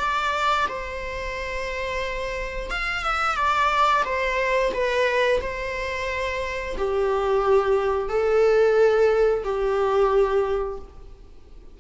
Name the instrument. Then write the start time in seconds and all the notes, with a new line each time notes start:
viola
0.00 D5
0.69 C5
2.71 F5
3.05 E5
3.36 D5
4.05 C5
4.74 B4
5.41 C5
6.78 G4
8.09 A4
9.44 G4